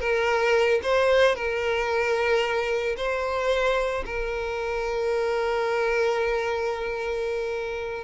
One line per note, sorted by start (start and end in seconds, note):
0.00 0.80 A#4
0.83 1.35 C5
1.35 2.96 A#4
2.97 4.04 C5
4.06 8.05 A#4